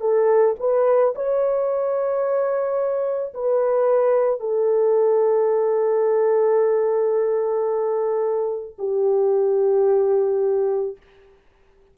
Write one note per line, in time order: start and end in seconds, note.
0.00 0.55 A4
0.59 1.14 B4
1.15 3.33 C#5
3.34 4.40 B4
4.40 8.76 A4
8.78 10.96 G4